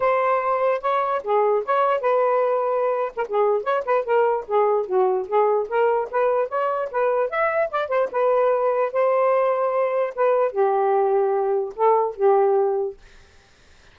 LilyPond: \new Staff \with { instrumentName = "saxophone" } { \time 4/4 \tempo 4 = 148 c''2 cis''4 gis'4 | cis''4 b'2~ b'8. ais'16 | gis'4 cis''8 b'8 ais'4 gis'4 | fis'4 gis'4 ais'4 b'4 |
cis''4 b'4 e''4 d''8 c''8 | b'2 c''2~ | c''4 b'4 g'2~ | g'4 a'4 g'2 | }